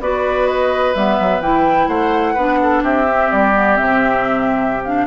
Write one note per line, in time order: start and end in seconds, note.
0.00 0.94 B3
0.00 0.95 F#4
0.00 1.88 B4
0.00 0.47 D5
0.47 0.94 D#5
0.94 1.19 G3
0.94 1.42 B3
0.94 1.42 E5
1.20 1.41 F#3
1.41 1.88 E3
1.41 2.37 E4
1.41 1.88 G5
1.88 2.35 A3
1.88 2.34 C5
1.88 2.82 F#5
2.34 2.83 B3
2.34 3.08 D4
2.34 2.57 B4
2.63 2.83 A4
2.83 3.30 C4
2.83 5.07 G4
2.83 3.32 E5
3.09 3.54 C4
3.32 3.80 G3
3.32 3.77 D5
3.54 3.77 B3
3.77 5.07 C3
3.77 4.83 C4
3.77 4.83 E5
4.84 5.07 D4
4.84 5.07 F5